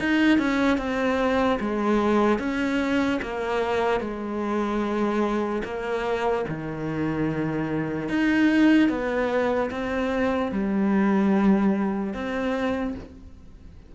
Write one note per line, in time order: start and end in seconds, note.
0.00 0.39 D#4
0.39 0.78 C#4
0.78 1.59 C4
1.60 2.39 G#3
2.39 3.20 C#4
3.22 4.01 A#3
4.01 5.63 G#3
5.65 6.46 A#3
6.49 8.09 D#3
8.09 8.90 D#4
8.90 9.71 B3
9.71 10.52 C4
10.52 12.14 G3
12.14 12.95 C4